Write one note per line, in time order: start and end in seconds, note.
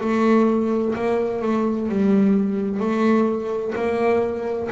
0.00 0.94 A3
0.95 1.41 A#3
1.41 1.88 A3
1.89 2.80 G3
2.80 3.73 A3
3.75 4.69 A#3